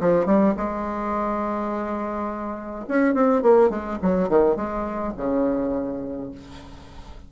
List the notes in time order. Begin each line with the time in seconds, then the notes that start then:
0.00 F3
0.25 G3
0.57 G#3
2.88 C#4
3.14 C4
3.42 A#3
3.70 G#3
4.02 F#3
4.29 D#3
4.56 G#3
5.17 C#3